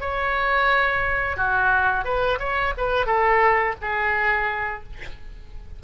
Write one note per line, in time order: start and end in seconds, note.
0.00 1.37 C#5
1.37 2.05 F#4
2.05 2.39 B4
2.39 2.73 C#5
2.77 3.06 B4
3.06 3.74 A4
3.81 4.83 G#4